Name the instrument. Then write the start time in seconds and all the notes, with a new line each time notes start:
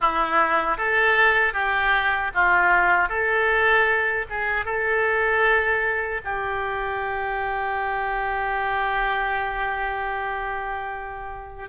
oboe
0.00 E4
0.77 A4
1.53 G4
2.34 F4
3.09 A4
4.29 G#4
4.65 A4
6.24 G4